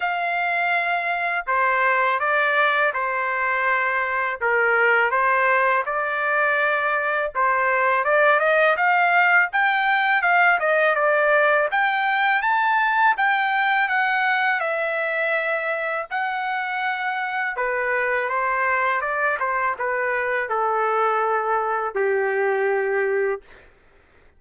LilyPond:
\new Staff \with { instrumentName = "trumpet" } { \time 4/4 \tempo 4 = 82 f''2 c''4 d''4 | c''2 ais'4 c''4 | d''2 c''4 d''8 dis''8 | f''4 g''4 f''8 dis''8 d''4 |
g''4 a''4 g''4 fis''4 | e''2 fis''2 | b'4 c''4 d''8 c''8 b'4 | a'2 g'2 | }